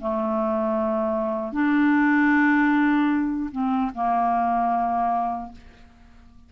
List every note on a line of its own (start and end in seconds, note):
0.00 1.52 A3
1.52 3.50 D4
3.51 3.91 C4
3.94 5.52 A#3